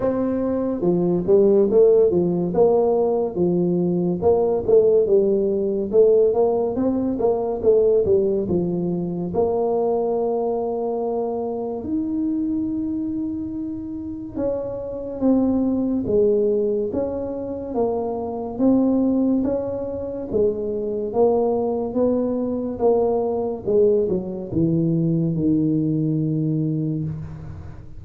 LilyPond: \new Staff \with { instrumentName = "tuba" } { \time 4/4 \tempo 4 = 71 c'4 f8 g8 a8 f8 ais4 | f4 ais8 a8 g4 a8 ais8 | c'8 ais8 a8 g8 f4 ais4~ | ais2 dis'2~ |
dis'4 cis'4 c'4 gis4 | cis'4 ais4 c'4 cis'4 | gis4 ais4 b4 ais4 | gis8 fis8 e4 dis2 | }